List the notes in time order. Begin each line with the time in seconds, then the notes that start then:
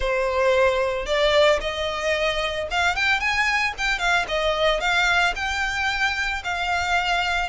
0.00 C5
1.05 D5
1.60 D#5
2.70 F5
2.95 G5
3.20 G#5
3.77 G5
3.98 F5
4.28 D#5
4.80 F5
5.35 G5
6.44 F5